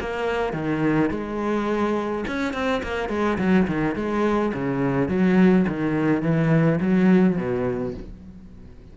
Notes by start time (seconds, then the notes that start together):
0.00 A#3
0.53 D#3
1.10 G#3
2.27 C#4
2.53 C4
2.83 A#3
3.09 G#3
3.38 F#3
3.67 D#3
3.95 G#3
4.54 C#3
5.09 F#3
5.68 D#3
6.22 E3
6.80 F#3
7.37 B2